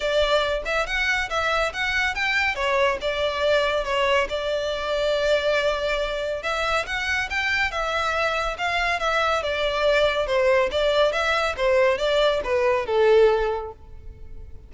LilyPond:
\new Staff \with { instrumentName = "violin" } { \time 4/4 \tempo 4 = 140 d''4. e''8 fis''4 e''4 | fis''4 g''4 cis''4 d''4~ | d''4 cis''4 d''2~ | d''2. e''4 |
fis''4 g''4 e''2 | f''4 e''4 d''2 | c''4 d''4 e''4 c''4 | d''4 b'4 a'2 | }